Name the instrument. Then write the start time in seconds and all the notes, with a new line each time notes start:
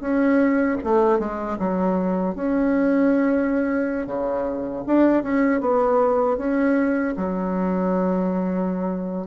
bassoon
0.00 C#4
0.84 A3
1.19 G#3
1.59 F#3
2.35 C#4
4.06 C#3
4.87 D4
5.23 C#4
5.61 B3
6.37 C#4
7.16 F#3